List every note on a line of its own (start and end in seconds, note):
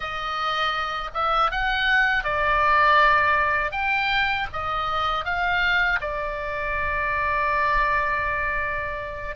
0.00 1.10 D#5
1.14 1.51 E5
1.51 2.23 F#5
2.23 3.71 D5
3.71 4.46 G5
4.52 5.24 D#5
5.24 5.99 F5
6.00 9.35 D5